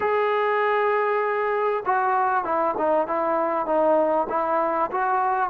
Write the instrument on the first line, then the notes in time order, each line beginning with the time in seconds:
trombone
0.00 G#4
1.85 F#4
2.44 E4
2.77 D#4
3.07 E4
3.65 D#4
4.29 E4
4.91 F#4